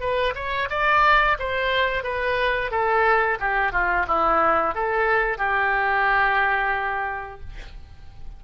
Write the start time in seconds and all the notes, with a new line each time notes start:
0.00 B4
0.35 C#5
0.70 D5
1.39 C5
2.03 B4
2.71 A4
3.40 G4
3.72 F4
4.07 E4
4.74 A4
5.37 G4